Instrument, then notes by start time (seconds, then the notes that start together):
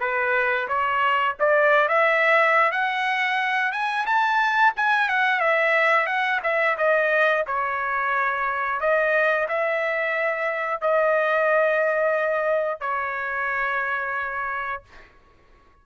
trumpet
0.00 B4
0.68 C#5
1.40 D5
1.88 E5
2.72 F#5
3.72 G#5
4.06 A5
4.76 G#5
5.09 F#5
5.40 E5
6.06 F#5
6.43 E5
6.77 D#5
7.46 C#5
8.80 D#5
9.48 E5
10.81 D#5
12.80 C#5